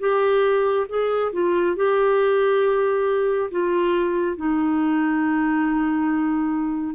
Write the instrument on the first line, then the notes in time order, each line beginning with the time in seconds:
clarinet
0.00 G4
0.89 G#4
1.32 F4
1.76 G4
3.51 F4
4.37 D#4